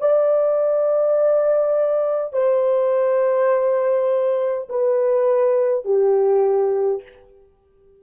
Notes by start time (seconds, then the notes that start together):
0.00 D5
2.33 C5
4.70 B4
5.85 G4